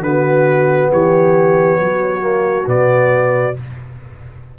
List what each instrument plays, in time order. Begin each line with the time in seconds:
0.00 tuba D3, trombone B3, horn F#4, trumpet B4
0.92 tuba E3, horn G4, trumpet C#5
1.80 tuba F#3, horn F#4
2.20 trombone A#3
2.66 tuba B2, trombone B3, trumpet D5